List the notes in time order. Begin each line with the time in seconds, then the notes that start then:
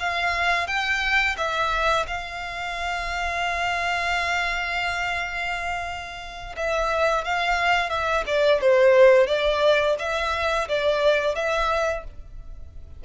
0.00 F5
0.68 G5
1.38 E5
2.08 F5
6.57 E5
7.25 F5
7.90 E5
8.27 D5
8.61 C5
9.27 D5
9.99 E5
10.69 D5
11.35 E5